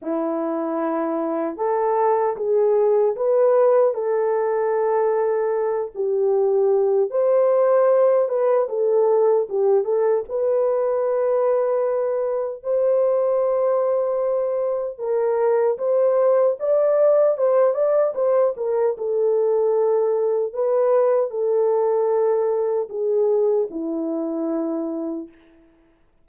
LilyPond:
\new Staff \with { instrumentName = "horn" } { \time 4/4 \tempo 4 = 76 e'2 a'4 gis'4 | b'4 a'2~ a'8 g'8~ | g'4 c''4. b'8 a'4 | g'8 a'8 b'2. |
c''2. ais'4 | c''4 d''4 c''8 d''8 c''8 ais'8 | a'2 b'4 a'4~ | a'4 gis'4 e'2 | }